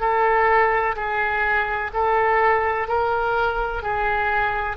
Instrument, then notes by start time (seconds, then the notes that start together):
oboe
0.00 A4
0.96 G#4
1.94 A4
2.88 A#4
3.83 G#4